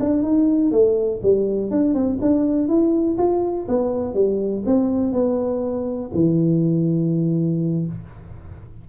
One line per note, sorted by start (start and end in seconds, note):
0.00 0.23 D4
0.23 0.71 D#4
0.71 1.20 A3
1.23 1.71 G3
1.71 1.94 D4
1.94 2.19 C4
2.22 2.68 D4
2.68 3.17 E4
3.18 3.67 F4
3.68 4.14 B3
4.14 4.64 G3
4.66 5.13 C4
5.13 6.11 B3
6.15 7.87 E3